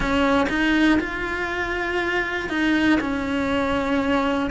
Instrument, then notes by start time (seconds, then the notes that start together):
cello
0.00 C#4
0.49 D#4
1.00 F4
2.49 D#4
3.00 C#4